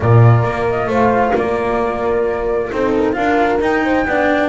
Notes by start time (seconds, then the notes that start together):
0.00 A#2 F4 A#4 D5
0.43 A#3
0.68 D#5
0.86 A3 C5 F5
1.35 A#3 A#4 D5
2.71 C4 D#4 A4 C5
2.96 A#4
3.12 D4 F4 A#4 F5
3.60 D#4 G5
3.84 C5
4.05 B3 D4 D5